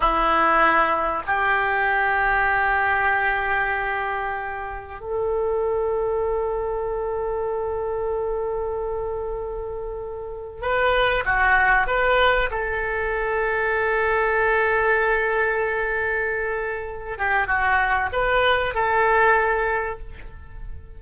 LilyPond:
\new Staff \with { instrumentName = "oboe" } { \time 4/4 \tempo 4 = 96 e'2 g'2~ | g'1 | a'1~ | a'1~ |
a'4 b'4 fis'4 b'4 | a'1~ | a'2.~ a'8 g'8 | fis'4 b'4 a'2 | }